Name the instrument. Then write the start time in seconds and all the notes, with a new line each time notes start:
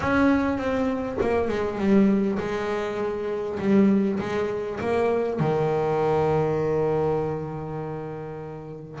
double bass
0.00 C#4
0.58 C4
1.21 A#3
1.48 G#3
1.78 G3
2.38 G#3
3.59 G3
4.19 G#3
4.80 A#3
5.39 D#3